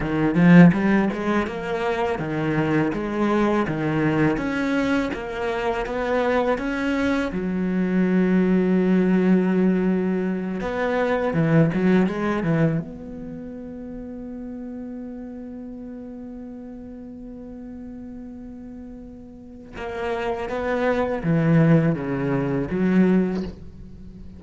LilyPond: \new Staff \with { instrumentName = "cello" } { \time 4/4 \tempo 4 = 82 dis8 f8 g8 gis8 ais4 dis4 | gis4 dis4 cis'4 ais4 | b4 cis'4 fis2~ | fis2~ fis8 b4 e8 |
fis8 gis8 e8 b2~ b8~ | b1~ | b2. ais4 | b4 e4 cis4 fis4 | }